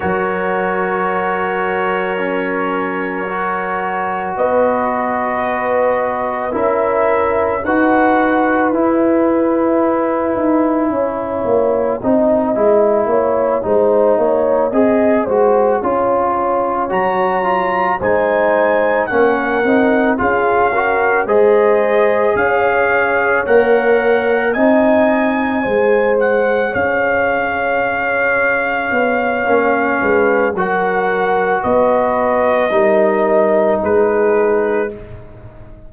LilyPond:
<<
  \new Staff \with { instrumentName = "trumpet" } { \time 4/4 \tempo 4 = 55 cis''1 | dis''2 e''4 fis''4 | gis''1~ | gis''2.~ gis''8 ais''8~ |
ais''8 gis''4 fis''4 f''4 dis''8~ | dis''8 f''4 fis''4 gis''4. | fis''8 f''2.~ f''8 | fis''4 dis''2 b'4 | }
  \new Staff \with { instrumentName = "horn" } { \time 4/4 ais'1 | b'2 ais'4 b'4~ | b'2 cis''4 dis''4 | cis''8 c''8 cis''8 dis''8 c''8 cis''4.~ |
cis''8 c''4 ais'4 gis'8 ais'8 c''8~ | c''8 cis''2 dis''4 c''8~ | c''8 cis''2. b'8 | ais'4 b'4 ais'4 gis'4 | }
  \new Staff \with { instrumentName = "trombone" } { \time 4/4 fis'2 cis'4 fis'4~ | fis'2 e'4 fis'4 | e'2. dis'8 e'8~ | e'8 dis'4 gis'8 fis'8 f'4 fis'8 |
f'8 dis'4 cis'8 dis'8 f'8 fis'8 gis'8~ | gis'4. ais'4 dis'4 gis'8~ | gis'2. cis'4 | fis'2 dis'2 | }
  \new Staff \with { instrumentName = "tuba" } { \time 4/4 fis1 | b2 cis'4 dis'4 | e'4. dis'8 cis'8 ais8 c'8 gis8 | ais8 gis8 ais8 c'8 gis8 cis'4 fis8~ |
fis8 gis4 ais8 c'8 cis'4 gis8~ | gis8 cis'4 ais4 c'4 gis8~ | gis8 cis'2 b8 ais8 gis8 | fis4 b4 g4 gis4 | }
>>